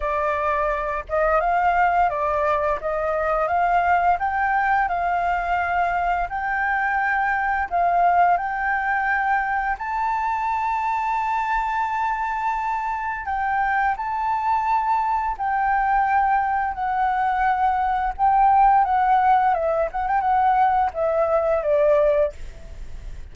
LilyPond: \new Staff \with { instrumentName = "flute" } { \time 4/4 \tempo 4 = 86 d''4. dis''8 f''4 d''4 | dis''4 f''4 g''4 f''4~ | f''4 g''2 f''4 | g''2 a''2~ |
a''2. g''4 | a''2 g''2 | fis''2 g''4 fis''4 | e''8 fis''16 g''16 fis''4 e''4 d''4 | }